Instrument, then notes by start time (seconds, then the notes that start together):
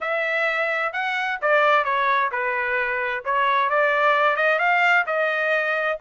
trumpet
0.01 E5
0.92 F#5
1.41 D5
1.84 C#5
2.31 B4
3.24 C#5
3.69 D5
4.36 D#5
4.58 F5
5.06 D#5